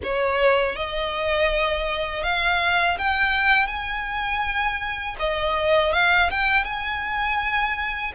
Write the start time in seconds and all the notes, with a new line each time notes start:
0.03 C#5
0.75 D#5
2.23 F5
2.98 G5
3.67 G#5
5.19 D#5
5.93 F5
6.30 G5
6.64 G#5